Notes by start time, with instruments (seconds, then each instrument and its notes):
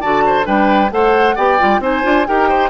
0.00 bassoon D3, clarinet F#4, oboe D5, flute A5
0.26 oboe C5
0.44 bassoon G3, clarinet D4, oboe B4, flute G5
0.90 bassoon A3, clarinet A4, oboe C5, flute F#5
1.35 bassoon B3, clarinet G4, oboe D5, flute G5
1.58 bassoon G3, clarinet F4
1.79 bassoon C4, clarinet D#4, oboe C5, flute G#5
2.02 bassoon D4, clarinet F4
2.26 bassoon D#4, clarinet G4, oboe A#4, flute G5
2.49 oboe C5